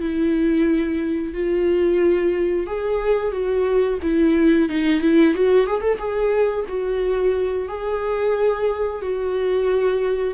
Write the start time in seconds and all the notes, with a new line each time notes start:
0.00 E4
1.34 F4
2.66 G#4
3.32 F#4
4.02 E4
4.68 D#4
5.00 E4
5.34 F#4
5.66 G#4
5.81 A4
5.98 G#4
6.68 F#4
7.68 G#4
9.01 F#4